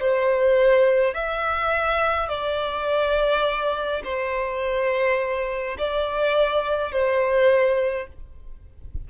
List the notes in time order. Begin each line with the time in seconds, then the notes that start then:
0.00 C5
1.14 E5
2.29 D5
4.04 C5
5.78 D5
6.92 C5